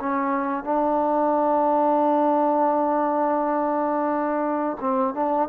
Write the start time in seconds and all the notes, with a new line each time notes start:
0.00 C#4
0.64 D4
4.81 C4
5.14 D4